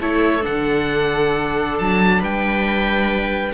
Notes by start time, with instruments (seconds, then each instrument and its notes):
0.00 cello A3, viola E4 A4, oboe C#5
0.40 cello D3, viola D4, oboe F#5
1.78 cello F#3, oboe A5
2.19 cello G3, viola B4, oboe G5